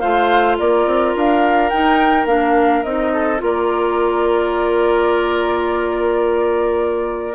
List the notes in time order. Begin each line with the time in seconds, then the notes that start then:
0.00 A3 F4 C5 F5
0.59 A#3 A#4 D5
0.86 C4
1.16 D4 F5
1.70 D#4 G5
2.26 A#3 D4 F5
2.84 C4 D#4 D#5
3.14 A4
3.38 A#3 F4 A#4
3.46 D5